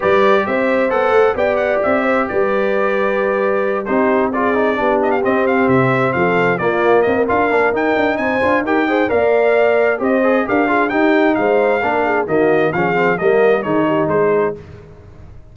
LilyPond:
<<
  \new Staff \with { instrumentName = "trumpet" } { \time 4/4 \tempo 4 = 132 d''4 e''4 fis''4 g''8 fis''8 | e''4 d''2.~ | d''8 c''4 d''4. dis''16 f''16 dis''8 | f''8 e''4 f''4 d''4 dis''8 |
f''4 g''4 gis''4 g''4 | f''2 dis''4 f''4 | g''4 f''2 dis''4 | f''4 dis''4 cis''4 c''4 | }
  \new Staff \with { instrumentName = "horn" } { \time 4/4 b'4 c''2 d''4~ | d''8 c''8 b'2.~ | b'8 g'4 gis'4 g'4.~ | g'4. a'4 f'4 ais'8~ |
ais'2 c''4 ais'8 c''8 | d''2 c''4 ais'8 gis'8 | g'4 c''4 ais'8 gis'8 fis'4 | gis'4 ais'4 gis'8 g'8 gis'4 | }
  \new Staff \with { instrumentName = "trombone" } { \time 4/4 g'2 a'4 g'4~ | g'1~ | g'8 dis'4 f'8 dis'8 d'4 c'8~ | c'2~ c'8 ais4. |
f'8 d'8 dis'4. f'8 g'8 gis'8 | ais'2 g'8 gis'8 g'8 f'8 | dis'2 d'4 ais4 | cis'8 c'8 ais4 dis'2 | }
  \new Staff \with { instrumentName = "tuba" } { \time 4/4 g4 c'4 b8 a8 b4 | c'4 g2.~ | g8 c'2 b4 c'8~ | c'8 c4 f4 ais4 c'8 |
d'8 ais8 dis'8 d'8 c'8 d'8 dis'4 | ais2 c'4 d'4 | dis'4 gis4 ais4 dis4 | f4 g4 dis4 gis4 | }
>>